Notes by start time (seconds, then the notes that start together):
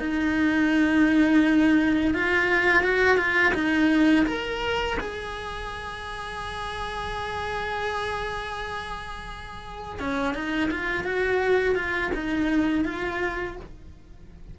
0.00 D#4
2.15 F4
2.83 F#4
3.18 F4
3.55 D#4
4.26 A#4
5.01 G#4
10.00 C#4
10.35 D#4
10.71 F4
11.05 F#4
11.76 F4
12.15 D#4
12.85 F4